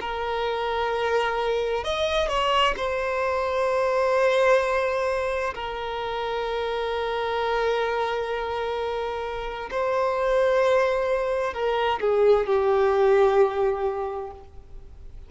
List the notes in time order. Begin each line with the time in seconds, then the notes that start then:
0.00 A#4
1.84 D#5
2.28 C#5
2.77 C5
5.54 A#4
9.70 C5
11.53 A#4
12.00 G#4
12.46 G4